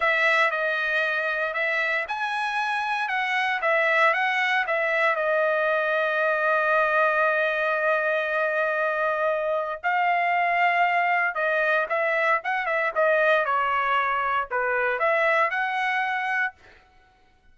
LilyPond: \new Staff \with { instrumentName = "trumpet" } { \time 4/4 \tempo 4 = 116 e''4 dis''2 e''4 | gis''2 fis''4 e''4 | fis''4 e''4 dis''2~ | dis''1~ |
dis''2. f''4~ | f''2 dis''4 e''4 | fis''8 e''8 dis''4 cis''2 | b'4 e''4 fis''2 | }